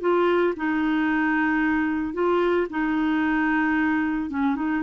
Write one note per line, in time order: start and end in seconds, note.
0.00 0.54 F4
0.56 2.13 D#4
2.13 2.67 F4
2.70 4.30 D#4
4.30 4.55 C#4
4.55 4.82 D#4